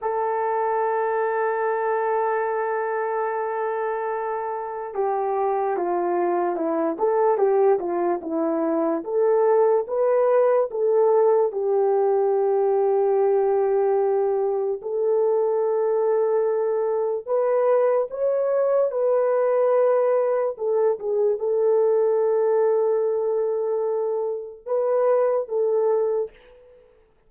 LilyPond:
\new Staff \with { instrumentName = "horn" } { \time 4/4 \tempo 4 = 73 a'1~ | a'2 g'4 f'4 | e'8 a'8 g'8 f'8 e'4 a'4 | b'4 a'4 g'2~ |
g'2 a'2~ | a'4 b'4 cis''4 b'4~ | b'4 a'8 gis'8 a'2~ | a'2 b'4 a'4 | }